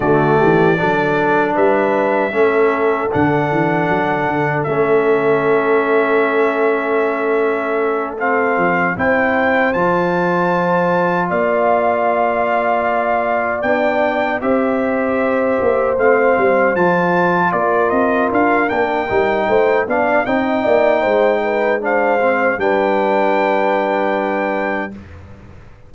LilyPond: <<
  \new Staff \with { instrumentName = "trumpet" } { \time 4/4 \tempo 4 = 77 d''2 e''2 | fis''2 e''2~ | e''2~ e''8 f''4 g''8~ | g''8 a''2 f''4.~ |
f''4. g''4 e''4.~ | e''8 f''4 a''4 d''8 dis''8 f''8 | g''4. f''8 g''2 | f''4 g''2. | }
  \new Staff \with { instrumentName = "horn" } { \time 4/4 fis'8 g'8 a'4 b'4 a'4~ | a'1~ | a'2.~ a'8 c''8~ | c''2~ c''8 d''4.~ |
d''2~ d''8 c''4.~ | c''2~ c''8 ais'4.~ | ais'4 c''8 d''8 dis''8 d''8 c''8 b'8 | c''4 b'2. | }
  \new Staff \with { instrumentName = "trombone" } { \time 4/4 a4 d'2 cis'4 | d'2 cis'2~ | cis'2~ cis'8 c'4 e'8~ | e'8 f'2.~ f'8~ |
f'4. d'4 g'4.~ | g'8 c'4 f'2~ f'8 | d'8 dis'4 d'8 dis'2 | d'8 c'8 d'2. | }
  \new Staff \with { instrumentName = "tuba" } { \time 4/4 d8 e8 fis4 g4 a4 | d8 e8 fis8 d8 a2~ | a2. f8 c'8~ | c'8 f2 ais4.~ |
ais4. b4 c'4. | ais8 a8 g8 f4 ais8 c'8 d'8 | ais8 g8 a8 b8 c'8 ais8 gis4~ | gis4 g2. | }
>>